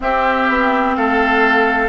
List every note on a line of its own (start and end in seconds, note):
0.00 1.89 C4
0.00 0.48 C4
0.00 0.96 G4
0.00 0.95 E5
0.48 0.96 B3
0.95 1.89 A3
0.95 1.89 A4
0.95 1.89 F5